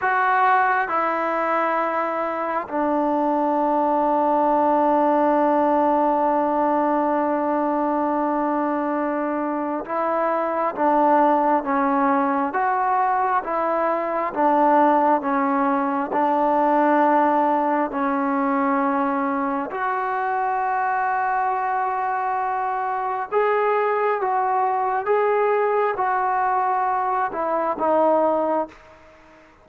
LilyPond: \new Staff \with { instrumentName = "trombone" } { \time 4/4 \tempo 4 = 67 fis'4 e'2 d'4~ | d'1~ | d'2. e'4 | d'4 cis'4 fis'4 e'4 |
d'4 cis'4 d'2 | cis'2 fis'2~ | fis'2 gis'4 fis'4 | gis'4 fis'4. e'8 dis'4 | }